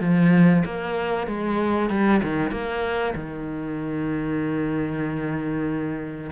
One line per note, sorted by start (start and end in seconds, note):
0.00 0.63 F3
0.65 1.27 A#3
1.27 1.89 G#3
1.89 2.21 G3
2.23 2.51 D#3
2.51 3.14 A#3
3.15 6.31 D#3